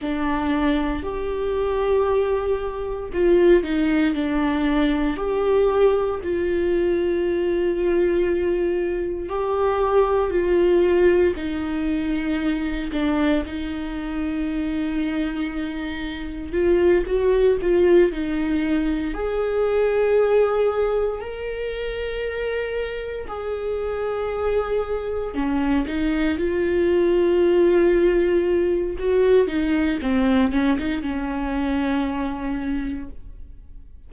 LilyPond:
\new Staff \with { instrumentName = "viola" } { \time 4/4 \tempo 4 = 58 d'4 g'2 f'8 dis'8 | d'4 g'4 f'2~ | f'4 g'4 f'4 dis'4~ | dis'8 d'8 dis'2. |
f'8 fis'8 f'8 dis'4 gis'4.~ | gis'8 ais'2 gis'4.~ | gis'8 cis'8 dis'8 f'2~ f'8 | fis'8 dis'8 c'8 cis'16 dis'16 cis'2 | }